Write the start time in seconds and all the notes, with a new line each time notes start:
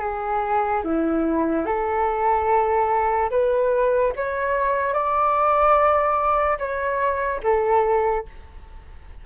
0.00 G#4
0.84 E4
1.66 A4
3.31 B4
4.16 C#5
4.94 D5
6.59 C#5
7.43 A4